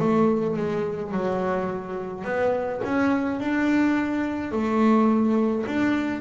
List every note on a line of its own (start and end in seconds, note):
0.00 0.57 A3
0.57 1.12 G#3
1.12 2.25 F#3
2.25 2.81 B3
2.85 3.40 C#4
3.40 4.52 D4
4.52 5.65 A3
5.67 6.21 D4